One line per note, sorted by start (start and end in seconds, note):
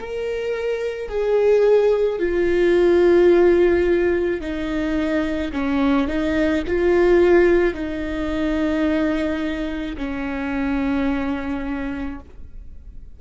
0.00 1.09 A#4
1.09 2.19 G#4
2.19 4.40 F4
4.40 5.52 D#4
5.53 6.08 C#4
6.08 6.63 D#4
6.67 7.74 F4
7.74 9.96 D#4
9.97 12.19 C#4